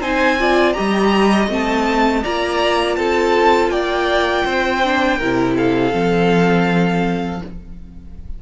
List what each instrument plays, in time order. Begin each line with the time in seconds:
0.00 cello C4, viola D#4, violin C5 G#5
0.39 viola F4, violin D5
0.73 cello G3, viola G4, violin D#5 A#5
1.48 cello A3, viola C4, violin A5
2.22 cello A#3, viola F4, violin D5 A#5
2.96 cello C4, violin A4 A5
3.69 cello A#3, violin D5 G5
4.45 cello C4, violin C5
4.84 viola D4
5.17 cello C3, viola E4, violin A#4
5.56 violin A4 F5
5.92 cello F3, viola C4